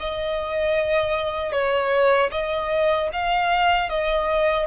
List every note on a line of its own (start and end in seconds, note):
0.00 1.52 D#5
1.52 2.30 C#5
2.31 3.09 D#5
3.13 3.89 F5
3.89 4.66 D#5